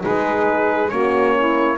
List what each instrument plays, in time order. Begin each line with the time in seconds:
0.00 double bass G#3, horn D#4, saxophone G#4, trumpet B4
0.89 double bass A#3, horn C#4, saxophone F#4, trumpet C#5
1.37 saxophone E4